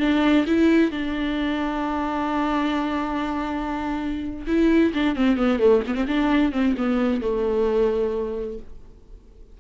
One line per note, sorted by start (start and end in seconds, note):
0.00 0.46 D4
0.47 0.91 E4
0.91 4.46 D4
4.47 4.93 E4
4.94 5.16 D4
5.16 5.38 C4
5.38 5.60 B3
5.60 5.83 A3
5.87 5.95 B3
5.95 6.06 C4
6.08 6.53 D4
6.53 6.76 C4
6.78 7.22 B3
7.22 8.59 A3